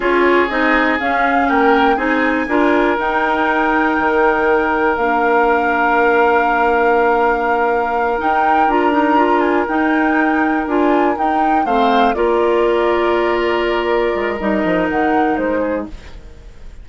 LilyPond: <<
  \new Staff \with { instrumentName = "flute" } { \time 4/4 \tempo 4 = 121 cis''4 dis''4 f''4 g''4 | gis''2 g''2~ | g''2 f''2~ | f''1~ |
f''8 g''4 ais''4. gis''8 g''8~ | g''4. gis''4 g''4 f''8~ | f''8 d''2.~ d''8~ | d''4 dis''4 fis''4 c''4 | }
  \new Staff \with { instrumentName = "oboe" } { \time 4/4 gis'2. ais'4 | gis'4 ais'2.~ | ais'1~ | ais'1~ |
ais'1~ | ais'2.~ ais'8 c''8~ | c''8 ais'2.~ ais'8~ | ais'2.~ ais'8 gis'8 | }
  \new Staff \with { instrumentName = "clarinet" } { \time 4/4 f'4 dis'4 cis'2 | dis'4 f'4 dis'2~ | dis'2 d'2~ | d'1~ |
d'8 dis'4 f'8 dis'8 f'4 dis'8~ | dis'4. f'4 dis'4 c'8~ | c'8 f'2.~ f'8~ | f'4 dis'2. | }
  \new Staff \with { instrumentName = "bassoon" } { \time 4/4 cis'4 c'4 cis'4 ais4 | c'4 d'4 dis'2 | dis2 ais2~ | ais1~ |
ais8 dis'4 d'2 dis'8~ | dis'4. d'4 dis'4 a8~ | a8 ais2.~ ais8~ | ais8 gis8 g8 f8 dis4 gis4 | }
>>